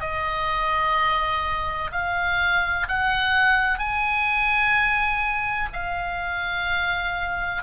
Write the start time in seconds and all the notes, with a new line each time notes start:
0.00 D#5
1.92 F5
2.88 F#5
3.79 G#5
5.73 F5